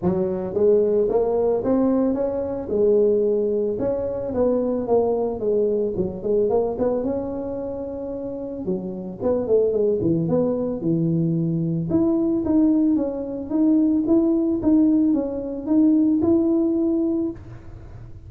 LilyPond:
\new Staff \with { instrumentName = "tuba" } { \time 4/4 \tempo 4 = 111 fis4 gis4 ais4 c'4 | cis'4 gis2 cis'4 | b4 ais4 gis4 fis8 gis8 | ais8 b8 cis'2. |
fis4 b8 a8 gis8 e8 b4 | e2 e'4 dis'4 | cis'4 dis'4 e'4 dis'4 | cis'4 dis'4 e'2 | }